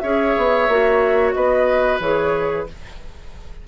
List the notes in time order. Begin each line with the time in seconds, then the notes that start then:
0.00 C#4 G#4 C#5 E5
0.37 B3
0.69 A#3 F#4
1.34 B3 B4 D#5
2.00 E3 G#4 C#5